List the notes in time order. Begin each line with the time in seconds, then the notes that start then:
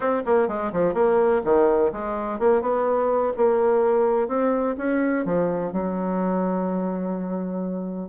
0.00 C4
0.25 A#3
0.47 G#3
0.72 F3
0.94 A#3
1.44 D#3
1.92 G#3
2.39 A#3
2.61 B3
3.36 A#3
4.28 C4
4.77 C#4
5.25 F3
5.72 F#3